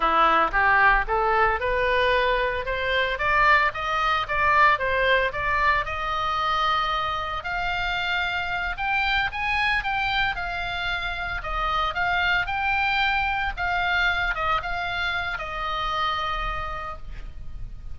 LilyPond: \new Staff \with { instrumentName = "oboe" } { \time 4/4 \tempo 4 = 113 e'4 g'4 a'4 b'4~ | b'4 c''4 d''4 dis''4 | d''4 c''4 d''4 dis''4~ | dis''2 f''2~ |
f''8 g''4 gis''4 g''4 f''8~ | f''4. dis''4 f''4 g''8~ | g''4. f''4. dis''8 f''8~ | f''4 dis''2. | }